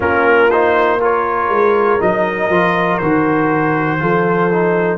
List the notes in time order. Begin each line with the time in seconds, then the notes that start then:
0.00 A#3 C#4 F4 A#4
0.50 D#4 C5
1.00 F4 A#4 C#5
1.49 G#3
2.00 F#3 D#4 D#5
2.48 F3 F4
2.98 D#3 F#4 C5
3.99 F3 F4 A4
4.52 D#4